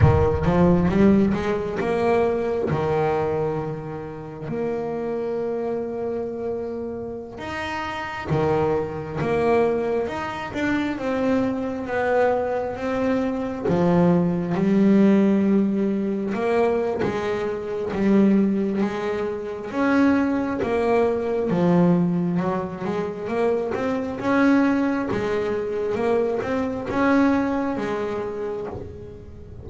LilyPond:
\new Staff \with { instrumentName = "double bass" } { \time 4/4 \tempo 4 = 67 dis8 f8 g8 gis8 ais4 dis4~ | dis4 ais2.~ | ais16 dis'4 dis4 ais4 dis'8 d'16~ | d'16 c'4 b4 c'4 f8.~ |
f16 g2 ais8. gis4 | g4 gis4 cis'4 ais4 | f4 fis8 gis8 ais8 c'8 cis'4 | gis4 ais8 c'8 cis'4 gis4 | }